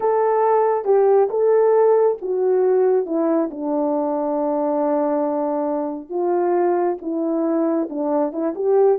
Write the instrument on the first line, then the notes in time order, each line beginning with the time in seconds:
horn
0.00 A4
0.84 G4
1.29 A4
2.21 F#4
3.06 E4
3.50 D4
6.09 F4
7.01 E4
7.89 D4
8.32 E4
8.55 G4